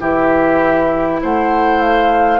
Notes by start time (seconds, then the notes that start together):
0.00 E3 E4 G4 E5
1.22 A3 C5 F#5
1.81 F5